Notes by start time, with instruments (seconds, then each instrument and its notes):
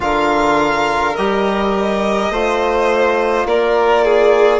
0.00 bassoon D3, trombone F4, violin A#4 F5
1.15 bassoon G3, trombone G4, violin D#5
2.30 bassoon A3, trombone F4, violin C5
3.45 bassoon A#3, violin A#4 D5
4.04 violin G#4